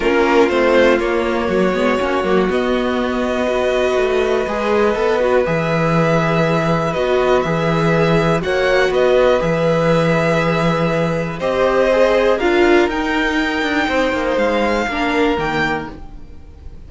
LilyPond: <<
  \new Staff \with { instrumentName = "violin" } { \time 4/4 \tempo 4 = 121 ais'4 c''4 cis''2~ | cis''4 dis''2.~ | dis''2. e''4~ | e''2 dis''4 e''4~ |
e''4 fis''4 dis''4 e''4~ | e''2. dis''4~ | dis''4 f''4 g''2~ | g''4 f''2 g''4 | }
  \new Staff \with { instrumentName = "violin" } { \time 4/4 f'2. fis'4~ | fis'2. b'4~ | b'1~ | b'1~ |
b'4 cis''4 b'2~ | b'2. c''4~ | c''4 ais'2. | c''2 ais'2 | }
  \new Staff \with { instrumentName = "viola" } { \time 4/4 cis'4 c'4 ais4. b8 | cis'8 ais8 b2 fis'4~ | fis'4 gis'4 a'8 fis'8 gis'4~ | gis'2 fis'4 gis'4~ |
gis'4 fis'2 gis'4~ | gis'2. g'4 | gis'4 f'4 dis'2~ | dis'2 d'4 ais4 | }
  \new Staff \with { instrumentName = "cello" } { \time 4/4 ais4 a4 ais4 fis8 gis8 | ais8 fis8 b2. | a4 gis4 b4 e4~ | e2 b4 e4~ |
e4 ais4 b4 e4~ | e2. c'4~ | c'4 d'4 dis'4. d'8 | c'8 ais8 gis4 ais4 dis4 | }
>>